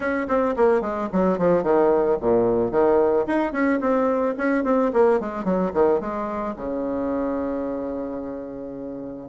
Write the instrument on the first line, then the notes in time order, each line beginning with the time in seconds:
bassoon
0.00 C#4
0.28 C4
0.56 A#3
0.81 G#3
1.12 F#3
1.38 F3
1.63 D#3
2.21 A#2
2.71 D#3
3.27 D#4
3.52 C#4
3.80 C4
4.37 C#4
4.64 C4
4.93 A#3
5.20 G#3
5.44 F#3
5.73 D#3
6.00 G#3
6.56 C#3